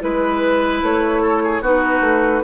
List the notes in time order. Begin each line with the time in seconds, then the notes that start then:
0.00 G#3 E4 B4
0.82 A3 C#5
1.22 A4
1.44 G#4
1.61 B3 D#4 F#4 B4
2.01 A3